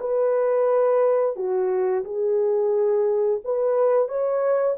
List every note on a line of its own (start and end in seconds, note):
0.00 1.36 B4
1.36 2.04 F#4
2.05 3.41 G#4
3.45 4.08 B4
4.08 4.77 C#5